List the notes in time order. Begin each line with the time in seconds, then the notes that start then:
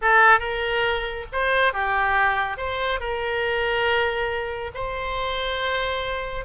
0.01 A4
0.39 A#4
1.32 C5
1.73 G4
2.57 C5
3.00 A#4
4.74 C5